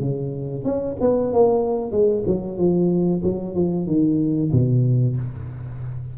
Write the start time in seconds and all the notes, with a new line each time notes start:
0.00 C#3
0.64 C#4
1.00 B3
1.33 A#3
1.91 G#3
2.26 F#3
2.57 F3
3.23 F#3
3.55 F3
3.87 D#3
4.52 B2